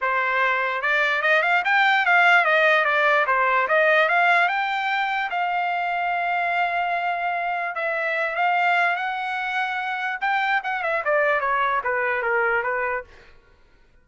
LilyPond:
\new Staff \with { instrumentName = "trumpet" } { \time 4/4 \tempo 4 = 147 c''2 d''4 dis''8 f''8 | g''4 f''4 dis''4 d''4 | c''4 dis''4 f''4 g''4~ | g''4 f''2.~ |
f''2. e''4~ | e''8 f''4. fis''2~ | fis''4 g''4 fis''8 e''8 d''4 | cis''4 b'4 ais'4 b'4 | }